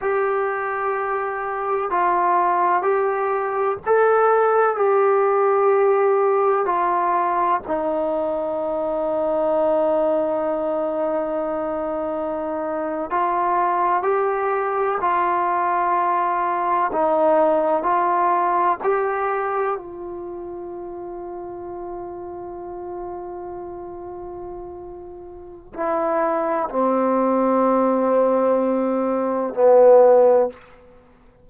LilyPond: \new Staff \with { instrumentName = "trombone" } { \time 4/4 \tempo 4 = 63 g'2 f'4 g'4 | a'4 g'2 f'4 | dis'1~ | dis'4.~ dis'16 f'4 g'4 f'16~ |
f'4.~ f'16 dis'4 f'4 g'16~ | g'8. f'2.~ f'16~ | f'2. e'4 | c'2. b4 | }